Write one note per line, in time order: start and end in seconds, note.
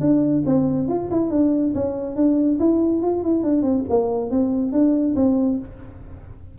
0.00 0.43 D4
0.46 0.88 C4
0.88 1.09 F4
1.11 1.31 E4
1.31 1.73 D4
1.74 2.16 C#4
2.16 2.59 D4
2.59 3.02 E4
3.02 3.23 F4
3.23 3.43 E4
3.43 3.62 D4
3.62 3.83 C4
3.89 4.30 A#3
4.30 4.72 C4
4.72 5.15 D4
5.15 5.58 C4